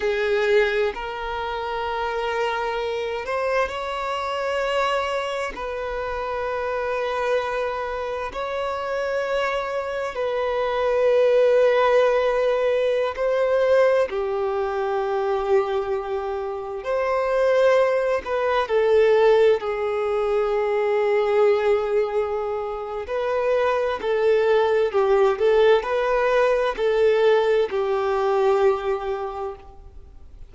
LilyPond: \new Staff \with { instrumentName = "violin" } { \time 4/4 \tempo 4 = 65 gis'4 ais'2~ ais'8 c''8 | cis''2 b'2~ | b'4 cis''2 b'4~ | b'2~ b'16 c''4 g'8.~ |
g'2~ g'16 c''4. b'16~ | b'16 a'4 gis'2~ gis'8.~ | gis'4 b'4 a'4 g'8 a'8 | b'4 a'4 g'2 | }